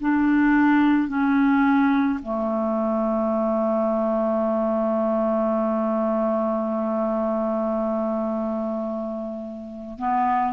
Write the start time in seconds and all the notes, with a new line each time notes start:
0.00 D4
1.08 C#4
2.22 A3
9.98 B3